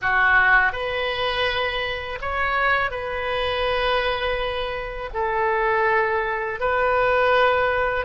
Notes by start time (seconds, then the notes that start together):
0.01 F#4
0.72 B4
2.21 C#5
2.90 B4
5.13 A4
6.60 B4